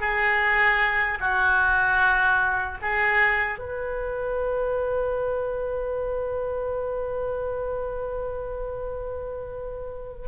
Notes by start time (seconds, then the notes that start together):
0.00 G#4
1.20 F#4
2.81 G#4
3.58 B4